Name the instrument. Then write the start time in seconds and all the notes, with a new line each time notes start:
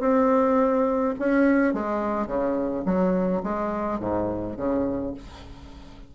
bassoon
0.00 C4
1.19 C#4
1.74 G#3
2.27 C#3
2.85 F#3
3.43 G#3
3.99 G#2
4.57 C#3